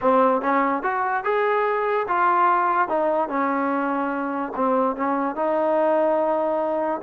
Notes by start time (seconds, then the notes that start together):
0.01 C4
0.41 C#4
0.82 F#4
1.24 G#4
2.08 F4
2.88 D#4
3.28 C#4
4.55 C4
4.96 C#4
5.35 D#4